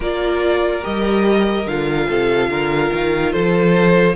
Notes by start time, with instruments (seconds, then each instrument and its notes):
0.00 cello A#3, viola F4, violin A#4 D5
0.81 cello G3, viola G4, violin D#5
1.66 cello D3, viola F4, violin F5
2.07 cello C3, violin A4
2.48 cello D3, violin A#4
2.93 cello D#3
3.32 cello F3, violin A4 C5